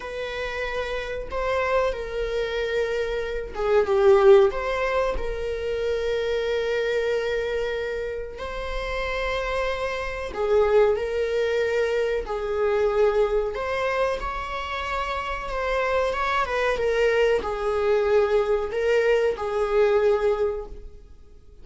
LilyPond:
\new Staff \with { instrumentName = "viola" } { \time 4/4 \tempo 4 = 93 b'2 c''4 ais'4~ | ais'4. gis'8 g'4 c''4 | ais'1~ | ais'4 c''2. |
gis'4 ais'2 gis'4~ | gis'4 c''4 cis''2 | c''4 cis''8 b'8 ais'4 gis'4~ | gis'4 ais'4 gis'2 | }